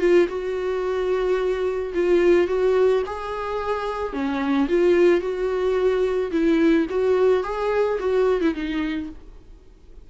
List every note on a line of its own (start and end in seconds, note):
0.00 0.28 F4
0.28 1.93 F#4
1.94 2.48 F4
2.48 3.03 F#4
3.06 4.13 G#4
4.13 4.68 C#4
4.69 5.21 F4
5.21 6.31 F#4
6.32 6.87 E4
6.90 7.44 F#4
7.44 7.99 G#4
8.00 8.41 F#4
8.41 8.54 E4
8.54 9.10 D#4